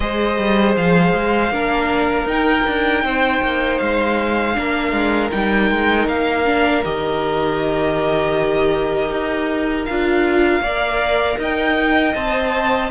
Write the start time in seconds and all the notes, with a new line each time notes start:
0.00 G#3 G#4 C5 D#5
0.38 G3
0.76 F3 F5
1.13 G#3
1.50 A#3 D4 A#4
2.24 D#4 G5
2.66 D4
3.03 C4 C5
3.42 A#3
3.78 G#3 F5
4.54 A#3 D4 A#4
4.92 G#3
5.31 G3 D#4 G5
5.70 G#3
6.07 A#3 F5
6.45 D4
6.84 D#3 G4 D#5
9.10 D#4
9.85 D4 F4 F5
10.60 A#3 A#4 D5
11.37 D#4 D#5 G5
12.15 C4 C5 A5